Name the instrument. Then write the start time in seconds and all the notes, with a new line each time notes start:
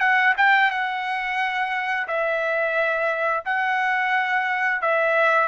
trumpet
0.00 F#5
0.37 G5
0.71 F#5
2.08 E5
3.45 F#5
4.82 E5